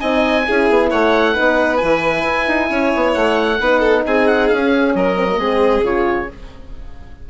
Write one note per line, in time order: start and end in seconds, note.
0.00 0.47 C4
0.00 0.45 D#4
0.00 0.45 D#5
0.00 0.90 G#5
0.47 0.69 C#4
0.47 1.34 E4
0.47 0.90 G#4
0.69 0.92 B3
0.90 1.37 A3
0.90 1.33 C#5
0.90 1.77 F#5
1.33 1.82 B3
1.33 1.79 D#4
1.33 2.68 B4
1.77 2.23 E3
1.77 3.59 E4
1.77 3.11 G#5
2.23 2.46 E4
2.47 2.70 D#4
2.69 2.92 C#4
2.69 3.59 C#5
2.95 3.15 B3
3.14 3.60 A3
3.14 4.04 F#5
3.60 4.04 B3
3.60 4.60 D#4
3.60 3.80 B4
3.80 4.02 A4
4.06 4.51 C4
4.06 4.96 G#4
4.06 4.27 G#5
4.27 4.48 F#5
4.48 4.95 C#4
4.48 4.93 F5
4.61 5.16 C#4
4.95 5.37 F#3
4.95 5.39 A#4
4.95 5.85 D#5
5.16 5.27 C4
5.30 5.39 A#3
5.37 5.82 G#3
5.37 5.83 C4
5.37 6.29 G#4
5.82 6.27 C#3
5.82 6.28 F4
5.82 6.30 C#5